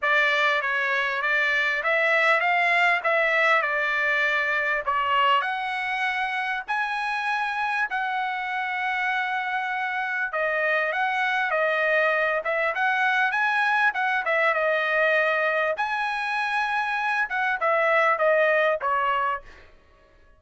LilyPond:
\new Staff \with { instrumentName = "trumpet" } { \time 4/4 \tempo 4 = 99 d''4 cis''4 d''4 e''4 | f''4 e''4 d''2 | cis''4 fis''2 gis''4~ | gis''4 fis''2.~ |
fis''4 dis''4 fis''4 dis''4~ | dis''8 e''8 fis''4 gis''4 fis''8 e''8 | dis''2 gis''2~ | gis''8 fis''8 e''4 dis''4 cis''4 | }